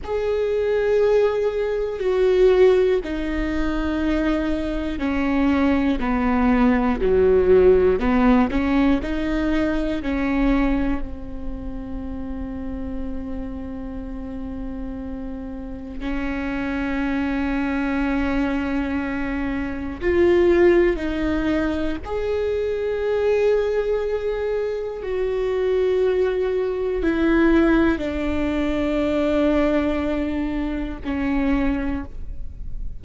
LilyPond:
\new Staff \with { instrumentName = "viola" } { \time 4/4 \tempo 4 = 60 gis'2 fis'4 dis'4~ | dis'4 cis'4 b4 fis4 | b8 cis'8 dis'4 cis'4 c'4~ | c'1 |
cis'1 | f'4 dis'4 gis'2~ | gis'4 fis'2 e'4 | d'2. cis'4 | }